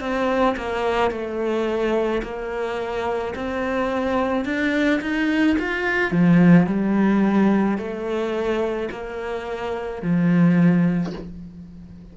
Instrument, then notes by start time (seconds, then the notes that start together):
cello
0.00 C4
0.56 A#3
1.11 A3
2.23 A#3
3.35 C4
4.44 D4
5.01 D#4
5.59 F4
6.11 F3
6.66 G3
7.77 A3
8.91 A#3
10.02 F3